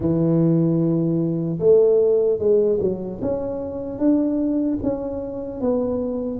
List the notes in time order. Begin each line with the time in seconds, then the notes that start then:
0.00 E3
1.59 A3
2.38 G#3
2.80 F#3
3.21 C#4
3.98 D4
4.82 C#4
5.60 B3